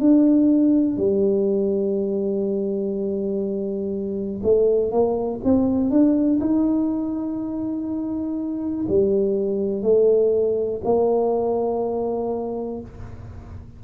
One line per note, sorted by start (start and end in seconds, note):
0.00 0.97 D4
0.97 4.42 G3
4.44 4.92 A3
4.92 5.41 A#3
5.45 5.91 C4
5.91 6.40 D4
6.41 8.87 D#4
8.89 9.83 G3
9.83 10.81 A3
10.85 12.81 A#3